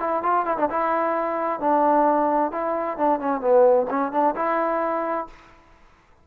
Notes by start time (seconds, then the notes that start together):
0.00 E4
0.23 F4
0.46 E4
0.58 D4
0.70 E4
1.60 D4
2.52 E4
2.98 D4
3.20 C#4
3.41 B3
3.90 C#4
4.12 D4
4.36 E4